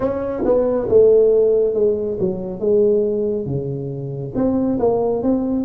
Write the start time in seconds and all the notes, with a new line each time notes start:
0.00 C#4
0.45 B3
0.88 A3
1.74 G#3
2.19 F#3
2.59 G#3
3.46 C#3
4.35 C4
4.79 A#3
5.22 C4